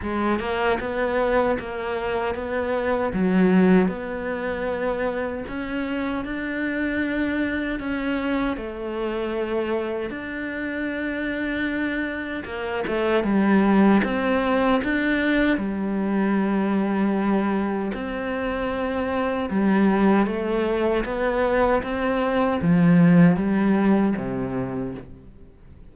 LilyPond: \new Staff \with { instrumentName = "cello" } { \time 4/4 \tempo 4 = 77 gis8 ais8 b4 ais4 b4 | fis4 b2 cis'4 | d'2 cis'4 a4~ | a4 d'2. |
ais8 a8 g4 c'4 d'4 | g2. c'4~ | c'4 g4 a4 b4 | c'4 f4 g4 c4 | }